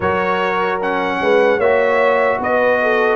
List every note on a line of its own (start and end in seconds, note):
0.00 1.20 F#3
0.00 0.81 F#4
0.00 1.19 A#4
0.00 0.80 C#5
0.81 1.61 C#4
0.81 1.60 F#5
1.20 1.58 G#3
1.20 1.57 B4
1.57 2.38 A#3
1.57 3.16 F#4
1.57 2.37 C#5
1.57 2.40 E5
2.39 3.16 B3
2.39 2.80 B4
2.39 3.16 D#5
2.82 3.16 A4